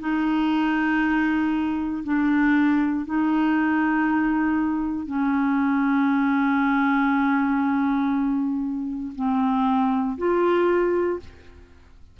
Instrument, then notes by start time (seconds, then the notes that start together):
clarinet
0.00 D#4
2.04 D4
3.06 D#4
5.06 C#4
9.16 C4
10.18 F4